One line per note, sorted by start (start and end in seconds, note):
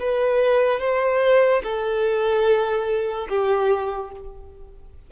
0.00 0.80 B4
0.80 1.63 C5
1.64 3.28 A4
3.30 4.12 G4